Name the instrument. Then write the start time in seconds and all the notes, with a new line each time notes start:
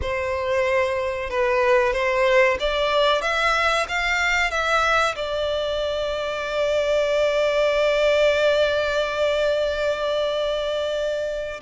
violin
0.01 C5
1.30 B4
1.93 C5
2.59 D5
3.21 E5
3.88 F5
4.50 E5
5.15 D5